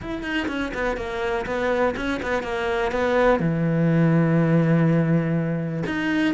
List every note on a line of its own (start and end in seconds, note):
0.01 0.22 E4
0.22 0.47 D#4
0.48 0.72 C#4
0.74 0.96 B3
0.96 1.45 A#3
1.46 1.94 B3
1.96 2.20 C#4
2.22 2.43 B3
2.43 2.91 A#3
2.91 3.39 B3
3.39 5.83 E3
5.86 6.34 D#4